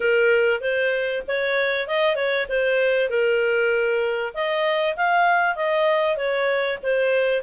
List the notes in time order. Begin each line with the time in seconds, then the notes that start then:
0.00 A#4
0.60 C5
1.27 C#5
1.87 D#5
2.15 C#5
2.49 C5
3.09 A#4
4.34 D#5
4.96 F5
5.55 D#5
6.16 C#5
6.82 C5